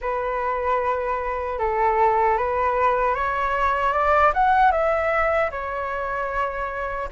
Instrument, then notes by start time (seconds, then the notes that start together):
flute
0.01 B4
1.58 A4
2.37 B4
3.14 C#5
3.93 D5
4.33 F#5
4.71 E5
5.50 C#5